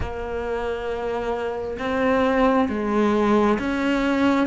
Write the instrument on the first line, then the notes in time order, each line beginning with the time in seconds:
cello
0.00 A#3
1.78 C4
2.68 G#3
3.58 C#4